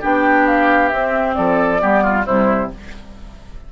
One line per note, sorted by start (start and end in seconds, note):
0.00 0.92 B3
0.00 0.92 D4
0.00 1.34 G4
0.00 0.46 G5
0.46 0.88 F5
0.88 1.79 C4
0.88 1.37 C4
0.88 1.33 E5
1.34 1.82 F3
1.34 1.81 A4
1.34 2.24 D5
1.79 2.27 G3
1.79 2.24 B3
1.79 2.03 G4
2.03 2.25 F4
2.25 2.72 C3
2.25 2.71 G3
2.25 2.70 E4
2.25 2.71 C5